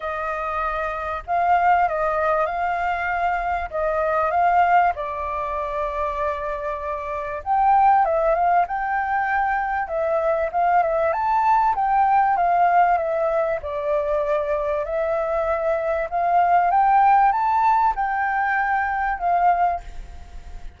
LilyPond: \new Staff \with { instrumentName = "flute" } { \time 4/4 \tempo 4 = 97 dis''2 f''4 dis''4 | f''2 dis''4 f''4 | d''1 | g''4 e''8 f''8 g''2 |
e''4 f''8 e''8 a''4 g''4 | f''4 e''4 d''2 | e''2 f''4 g''4 | a''4 g''2 f''4 | }